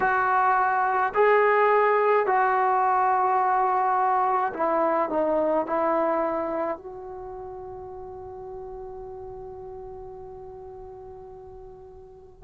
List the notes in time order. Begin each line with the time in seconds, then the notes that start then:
0.00 F#4
1.14 G#4
2.26 F#4
4.53 E4
5.09 D#4
5.66 E4
6.77 F#4